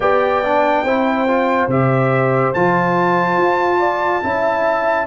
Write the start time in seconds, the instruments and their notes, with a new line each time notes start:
0.00 tuba B3, trombone G4, horn D5, trumpet G5
0.43 trombone D4
0.83 tuba C4, trombone E4, horn C5
1.27 trombone F4
1.67 tuba C3, trombone G4, trumpet E5
2.53 tuba F3, trombone F4, trumpet A5
3.37 tuba F4
3.78 horn D5
4.23 tuba C#4, trombone E4, horn E5